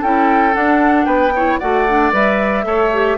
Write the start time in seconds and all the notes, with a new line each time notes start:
0.00 C#4 E4 A4 G5
0.52 D4 F#5
1.05 B3 B4 G5
1.35 E4 C#5
1.59 A3 F#4 D5 F#5
1.88 D4
2.12 G3 B4 E5
2.63 A3 A4 C#5
2.93 G4